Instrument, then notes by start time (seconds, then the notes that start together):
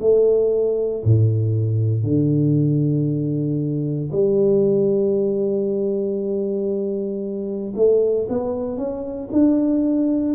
tuba
0.00 A3
1.04 A2
2.03 D3
4.11 G3
7.75 A3
8.29 B3
8.77 C#4
9.32 D4